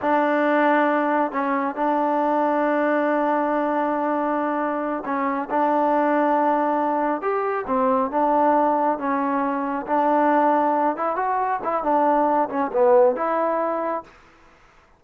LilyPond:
\new Staff \with { instrumentName = "trombone" } { \time 4/4 \tempo 4 = 137 d'2. cis'4 | d'1~ | d'2.~ d'8 cis'8~ | cis'8 d'2.~ d'8~ |
d'8 g'4 c'4 d'4.~ | d'8 cis'2 d'4.~ | d'4 e'8 fis'4 e'8 d'4~ | d'8 cis'8 b4 e'2 | }